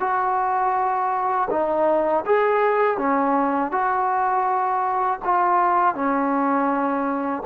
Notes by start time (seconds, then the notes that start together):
0.00 F#4
1.50 D#4
2.26 G#4
2.98 C#4
3.72 F#4
5.25 F4
5.95 C#4